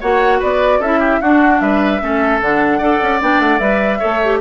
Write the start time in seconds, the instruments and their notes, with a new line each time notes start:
0.00 bassoon A#3, clarinet F#4, oboe C#5, flute F#5
0.39 bassoon B3, oboe B4, flute D5
0.79 bassoon C#4, clarinet E4, oboe A4, flute E5
0.99 oboe G4
1.21 bassoon D4, clarinet D4, oboe F#4, flute F#5
1.60 bassoon G3, oboe B4, flute E5
2.01 bassoon A3, clarinet C#4, oboe A4
2.41 bassoon D3, clarinet D4, flute F#5
2.78 bassoon D4, clarinet A4, oboe D5
3.02 bassoon C#4
3.20 bassoon B3, clarinet D4, flute G5
3.39 bassoon A3, flute F#5
3.59 bassoon G3, clarinet B4, flute E5
3.99 bassoon A3, clarinet A4, oboe C#5
4.24 clarinet G4